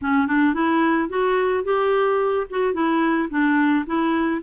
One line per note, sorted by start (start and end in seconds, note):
0.01 0.27 C#4
0.27 0.54 D4
0.54 1.09 E4
1.09 1.64 F#4
1.64 2.46 G4
2.49 2.73 F#4
2.73 3.28 E4
3.30 3.85 D4
3.86 4.41 E4